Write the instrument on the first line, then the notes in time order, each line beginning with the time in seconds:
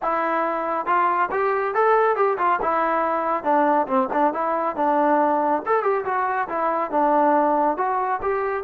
trombone
0.02 E4
0.86 F4
1.31 G4
1.74 A4
2.16 G4
2.38 F4
2.62 E4
3.43 D4
3.87 C4
4.12 D4
4.33 E4
4.76 D4
5.65 A4
5.82 G4
6.04 F#4
6.48 E4
6.90 D4
7.77 F#4
8.22 G4